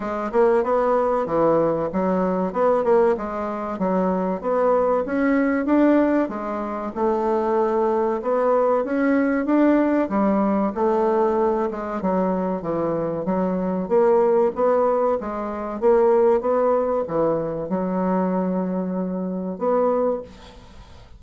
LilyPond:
\new Staff \with { instrumentName = "bassoon" } { \time 4/4 \tempo 4 = 95 gis8 ais8 b4 e4 fis4 | b8 ais8 gis4 fis4 b4 | cis'4 d'4 gis4 a4~ | a4 b4 cis'4 d'4 |
g4 a4. gis8 fis4 | e4 fis4 ais4 b4 | gis4 ais4 b4 e4 | fis2. b4 | }